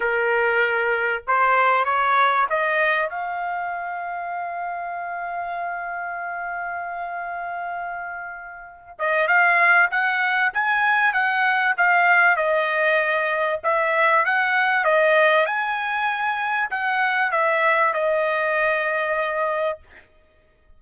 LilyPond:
\new Staff \with { instrumentName = "trumpet" } { \time 4/4 \tempo 4 = 97 ais'2 c''4 cis''4 | dis''4 f''2.~ | f''1~ | f''2~ f''8 dis''8 f''4 |
fis''4 gis''4 fis''4 f''4 | dis''2 e''4 fis''4 | dis''4 gis''2 fis''4 | e''4 dis''2. | }